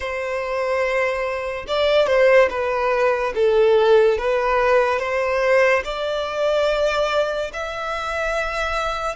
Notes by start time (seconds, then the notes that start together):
0.00 C5
1.67 D5
2.06 C5
2.50 B4
3.34 A4
4.18 B4
4.99 C5
5.84 D5
7.53 E5